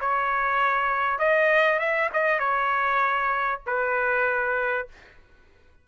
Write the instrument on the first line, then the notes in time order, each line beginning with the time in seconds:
trumpet
0.00 C#5
1.18 D#5
1.79 E5
2.13 D#5
2.39 C#5
3.66 B4